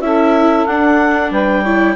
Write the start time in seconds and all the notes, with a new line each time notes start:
0.00 C#4 E4 A4 E5
0.66 D4 F#5
1.31 G3 B4 G5
1.62 E4 C#5